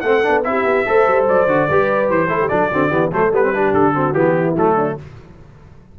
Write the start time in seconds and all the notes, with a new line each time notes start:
0.00 A3 C4 A4 F#5
0.23 B3 D4
0.43 C4 E4 G4 E5
0.64 B3
0.86 A3 A4 C5
1.07 G3
1.28 F#3 D5
1.47 D3 F#4
1.69 G3 G4 B4
2.10 E3 C5
2.28 A3 E4 A4
2.40 G4
2.48 F#3 D4 A4 D5
2.71 D3 C4 F#4
2.90 E3 B3 G4
3.11 F#3 A3 A4 C5
3.32 G3 B3 B4
3.43 C4
3.54 D4 G4
3.73 D3 A4
3.94 C4 F#4
4.13 E3 B3 G4
4.35 E4
4.56 F#3 A3 A4
4.76 D4